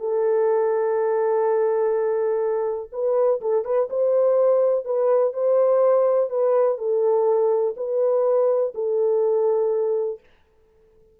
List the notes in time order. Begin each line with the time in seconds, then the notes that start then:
0.00 A4
2.93 B4
3.41 A4
3.65 B4
3.90 C5
4.85 B4
5.33 C5
6.30 B4
6.78 A4
7.77 B4
8.75 A4